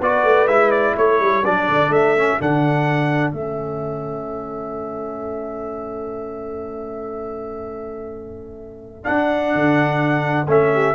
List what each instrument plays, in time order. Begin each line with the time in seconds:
0.00 tuba B3, trombone F#4, horn B4, trumpet D5
0.24 tuba A3
0.47 tuba G#3, trombone E4, trumpet E5
0.71 trumpet D5
0.97 tuba A3, horn A4, trumpet C#5
1.20 tuba G3
1.44 tuba F#3, trombone D4, trumpet D5
1.69 tuba D3
1.89 tuba A3, trumpet E5
2.17 trombone C#4
2.40 tuba D3, trombone D4, trumpet F#5
3.31 tuba A3, trombone C#4, trumpet E5
9.04 trombone D4, tuba D4, trumpet F#5
9.54 tuba D3
10.47 tuba A3, trombone C#4, trumpet E5
10.73 horn G4